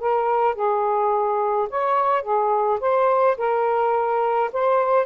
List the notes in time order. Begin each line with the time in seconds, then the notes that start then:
0.00 A#4
0.55 G#4
1.70 C#5
2.23 G#4
2.80 C5
3.38 A#4
4.53 C5